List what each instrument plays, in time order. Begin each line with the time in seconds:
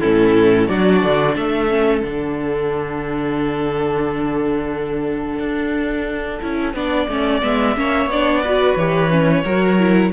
0.00 cello A2, viola C#4, violin E4 A4
0.68 cello F#3, viola D4, violin F#4 D5
1.03 cello D3
1.36 cello A3, violin A4 E5
1.69 viola C#4
2.03 cello D3, viola D4, violin F#5
5.39 cello D4
6.41 cello C#4, viola E4
6.74 cello B3, viola D4, violin D5
7.09 cello A3, viola C#4
7.42 cello G#3, viola B3, violin E5
7.76 cello A#3, viola C#4, violin C#5
8.06 cello B3, violin D5
8.13 viola D4
8.42 viola F#4, violin B4
8.77 cello E3, viola G4, violin C#5
9.10 viola C#4
9.45 cello F#3, viola F#4, violin A#4
9.79 viola E4